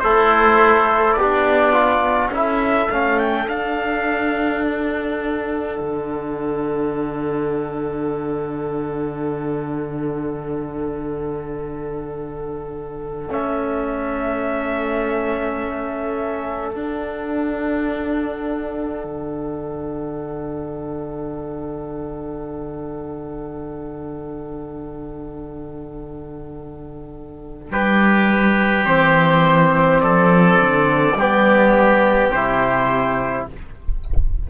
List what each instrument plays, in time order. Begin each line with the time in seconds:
0.00 cello A3, oboe E4, trombone A4, trumpet C5
1.13 cello B3, trombone G4, trumpet D5
1.20 oboe D4
1.73 trombone F4
2.29 cello C#4, trombone E4, oboe A4, trumpet E5
2.90 cello A3, trombone C#4, trumpet F5
3.19 trumpet G5
3.46 trombone D4, cello D4, trumpet F5
4.64 trumpet F#5
5.80 cello D3
13.30 cello A3, trombone C#4, trumpet E5
16.75 trombone D4, cello D4, trumpet F#5
19.05 cello D3
27.71 cello G3, oboe G4, trumpet B4
28.85 cello E3, trombone C4, trumpet C5
30.01 cello F3, oboe A4, trumpet D5
30.61 cello D3
31.15 cello G3, trombone B3, oboe G4
32.32 cello C3, trombone E4, trumpet C5